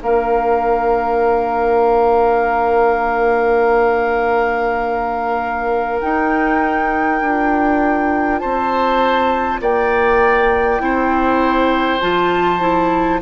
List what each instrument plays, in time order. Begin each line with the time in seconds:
0.00 bassoon A#3, clarinet D4, oboe A#4, flute F5
6.00 clarinet D#4, bassoon D#4, flute G5
7.21 bassoon D4, clarinet F4
8.39 bassoon C4, oboe C5, flute A5
9.61 bassoon A#3, oboe D5, flute G5
10.79 bassoon C4, clarinet E4, oboe C5
12.00 bassoon F3, clarinet F4, flute A5
12.60 clarinet E4